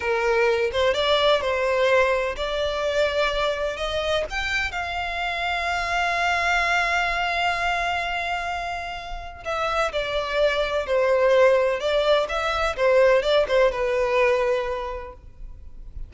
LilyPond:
\new Staff \with { instrumentName = "violin" } { \time 4/4 \tempo 4 = 127 ais'4. c''8 d''4 c''4~ | c''4 d''2. | dis''4 g''4 f''2~ | f''1~ |
f''1 | e''4 d''2 c''4~ | c''4 d''4 e''4 c''4 | d''8 c''8 b'2. | }